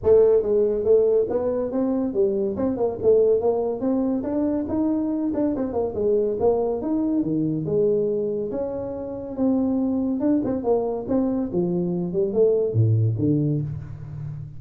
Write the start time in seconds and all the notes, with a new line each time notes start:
0.03 A3
0.42 G#3
0.84 A3
1.29 B3
1.71 C4
2.13 G3
2.56 C4
2.77 A#3
3.02 A3
3.40 A#3
3.80 C4
4.23 D4
4.68 D#4
5.33 D4
5.56 C4
5.73 A#3
5.95 G#3
6.39 A#3
6.81 D#4
7.22 D#3
7.65 G#3
8.51 C#4
9.36 C4
10.20 D4
10.44 C4
10.63 A#3
11.08 C4
11.52 F3
12.13 G3
12.33 A3
12.73 A2
13.18 D3